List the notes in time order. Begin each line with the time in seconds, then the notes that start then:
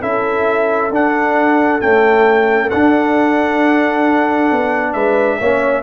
0.00 C#4 E4 A4 E5
0.90 D4 F#5
1.80 A3 C#4 G5
2.69 D4 F#5
4.51 B3
4.93 G#3 B4 E5
5.39 A#3 C#4 C#5